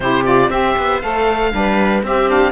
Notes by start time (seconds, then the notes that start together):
0.00 C3 E4 G4 C5
0.24 F4 D5
0.49 C4 G4 C5 E5
0.77 B3
1.01 A3 A4 F5
1.51 G3 D4 B4
2.03 C4 G4 E5
2.28 D4 F5